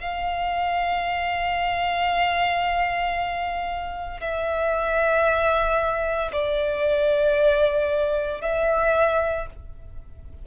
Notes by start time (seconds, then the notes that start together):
0.00 F5
4.21 E5
6.33 D5
8.41 E5